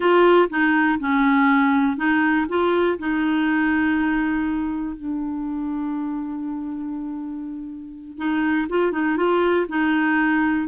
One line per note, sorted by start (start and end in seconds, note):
0.00 0.49 F4
0.49 0.99 D#4
0.99 1.96 C#4
1.96 2.46 D#4
2.48 2.98 F4
2.98 4.95 D#4
4.95 8.17 D4
8.17 8.67 D#4
8.69 8.92 F4
8.92 9.16 D#4
9.16 9.66 F4
9.69 10.67 D#4